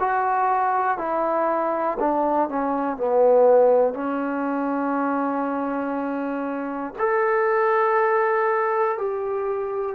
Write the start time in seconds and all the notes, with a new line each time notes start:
0.00 F#4
0.97 E4
1.99 D4
2.49 C#4
2.97 B3
3.94 C#4
6.99 A4
8.98 G4